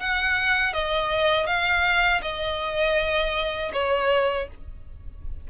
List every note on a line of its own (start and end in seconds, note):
0.00 0.73 F#5
0.73 1.46 D#5
1.46 2.21 F5
2.22 3.72 D#5
3.73 4.48 C#5